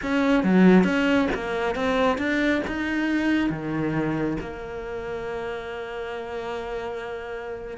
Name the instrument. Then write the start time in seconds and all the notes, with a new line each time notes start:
cello
0.02 C#4
0.43 F#3
0.84 C#4
1.34 A#3
1.75 C4
2.17 D4
2.67 D#4
3.49 D#3
4.40 A#3